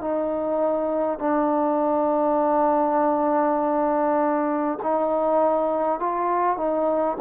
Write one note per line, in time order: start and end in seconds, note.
0.00 1.18 D#4
1.18 4.78 D4
4.83 5.99 D#4
5.99 6.57 F4
6.57 7.17 D#4